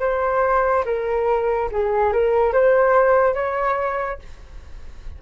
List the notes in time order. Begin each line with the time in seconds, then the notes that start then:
0.00 C5
0.86 A#4
1.72 G#4
2.13 A#4
2.54 C5
3.35 C#5